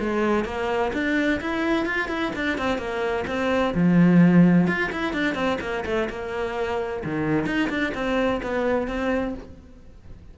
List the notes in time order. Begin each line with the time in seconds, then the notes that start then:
0.00 G#3
0.45 A#3
0.94 D4
1.41 E4
1.86 F4
2.09 E4
2.36 D4
2.58 C4
2.78 A#3
3.27 C4
3.75 F3
4.67 F4
4.92 E4
5.13 D4
5.35 C4
5.61 A#3
5.86 A3
6.10 A#3
7.05 D#3
7.46 D#4
7.70 D4
7.95 C4
8.43 B3
8.88 C4